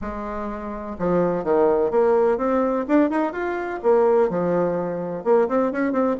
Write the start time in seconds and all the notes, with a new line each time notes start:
0.01 G#3
0.98 F3
1.44 D#3
1.90 A#3
2.37 C4
2.88 D4
3.10 D#4
3.32 F4
3.82 A#3
4.29 F3
5.24 A#3
5.48 C4
5.71 C#4
5.92 C4